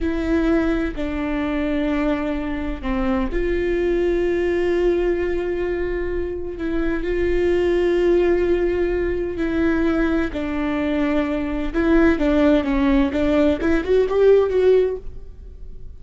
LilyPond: \new Staff \with { instrumentName = "viola" } { \time 4/4 \tempo 4 = 128 e'2 d'2~ | d'2 c'4 f'4~ | f'1~ | f'2 e'4 f'4~ |
f'1 | e'2 d'2~ | d'4 e'4 d'4 cis'4 | d'4 e'8 fis'8 g'4 fis'4 | }